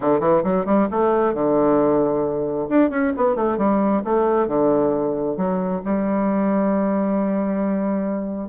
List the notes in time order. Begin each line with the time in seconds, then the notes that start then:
0.00 D3
0.20 E3
0.43 F#3
0.65 G3
0.90 A3
1.34 D3
2.69 D4
2.90 C#4
3.16 B3
3.35 A3
3.57 G3
4.04 A3
4.47 D3
5.36 F#3
5.85 G3